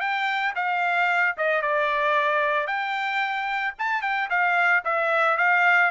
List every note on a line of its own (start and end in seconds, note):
0.00 0.54 G5
0.56 1.36 F5
1.37 1.62 D#5
1.62 2.67 D5
2.67 3.74 G5
3.79 4.02 A5
4.02 4.29 G5
4.30 4.83 F5
4.85 5.37 E5
5.37 5.91 F5